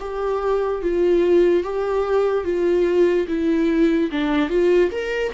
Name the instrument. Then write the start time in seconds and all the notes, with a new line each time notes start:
viola
0.00 G4
0.82 F4
1.64 G4
2.45 F4
3.28 E4
4.12 D4
4.50 F4
4.92 A#4